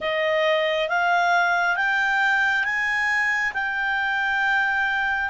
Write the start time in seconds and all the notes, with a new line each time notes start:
0.00 D#5
0.88 F5
1.76 G5
2.64 G#5
3.53 G5